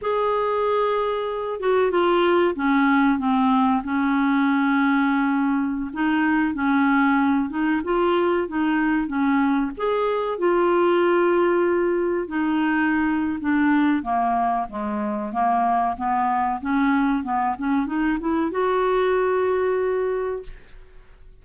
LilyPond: \new Staff \with { instrumentName = "clarinet" } { \time 4/4 \tempo 4 = 94 gis'2~ gis'8 fis'8 f'4 | cis'4 c'4 cis'2~ | cis'4~ cis'16 dis'4 cis'4. dis'16~ | dis'16 f'4 dis'4 cis'4 gis'8.~ |
gis'16 f'2. dis'8.~ | dis'4 d'4 ais4 gis4 | ais4 b4 cis'4 b8 cis'8 | dis'8 e'8 fis'2. | }